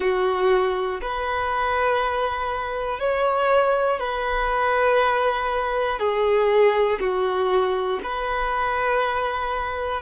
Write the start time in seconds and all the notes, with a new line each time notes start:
0.00 F#4
1.01 B4
3.00 C#5
4.00 B4
5.99 G#4
7.00 F#4
8.03 B4